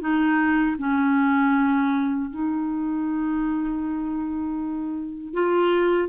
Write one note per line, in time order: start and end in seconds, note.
0.00 0.76 D#4
0.78 2.30 C#4
2.30 5.33 D#4
5.33 6.09 F4